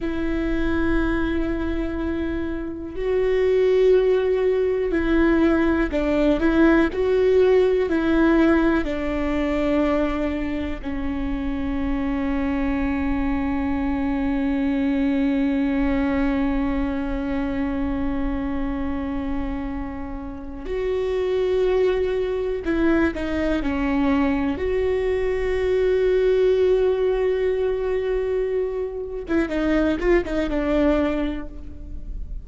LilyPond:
\new Staff \with { instrumentName = "viola" } { \time 4/4 \tempo 4 = 61 e'2. fis'4~ | fis'4 e'4 d'8 e'8 fis'4 | e'4 d'2 cis'4~ | cis'1~ |
cis'1~ | cis'4 fis'2 e'8 dis'8 | cis'4 fis'2.~ | fis'4.~ fis'16 e'16 dis'8 f'16 dis'16 d'4 | }